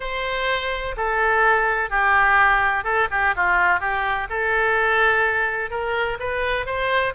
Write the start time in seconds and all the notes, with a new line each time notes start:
0.00 C5
0.96 A4
1.90 G4
2.84 A4
3.11 G4
3.35 F4
3.80 G4
4.29 A4
5.70 A#4
6.19 B4
6.66 C5